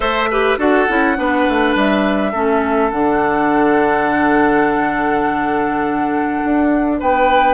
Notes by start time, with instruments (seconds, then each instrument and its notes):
0.00 bassoon A3, clarinet A4, oboe C5, flute E5
0.31 clarinet G4, oboe B4
0.57 bassoon D4, clarinet F#4, oboe A4, flute F#5
0.88 bassoon C#4, clarinet E4
1.16 bassoon B3, clarinet D4, oboe B4
1.48 bassoon A3
1.75 bassoon G3, flute E5
2.32 bassoon A3, clarinet C#4, oboe A4
2.90 bassoon D3, clarinet D4, flute F#5
6.44 bassoon D4
6.99 bassoon B3, oboe B4, flute G5